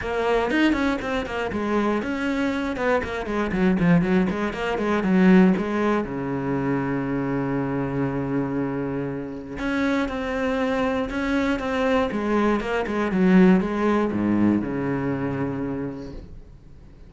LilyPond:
\new Staff \with { instrumentName = "cello" } { \time 4/4 \tempo 4 = 119 ais4 dis'8 cis'8 c'8 ais8 gis4 | cis'4. b8 ais8 gis8 fis8 f8 | fis8 gis8 ais8 gis8 fis4 gis4 | cis1~ |
cis2. cis'4 | c'2 cis'4 c'4 | gis4 ais8 gis8 fis4 gis4 | gis,4 cis2. | }